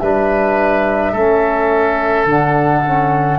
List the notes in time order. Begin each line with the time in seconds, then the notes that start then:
0.00 G3 D4 B4 E5
1.12 A3 C#4 A4
2.25 D3 D4 F#5
2.86 C#4